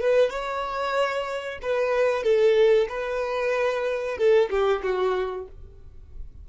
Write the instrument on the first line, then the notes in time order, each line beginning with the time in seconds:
violin
0.00 B4
0.30 C#5
1.62 B4
2.23 A4
2.89 B4
4.17 A4
4.50 G4
4.82 F#4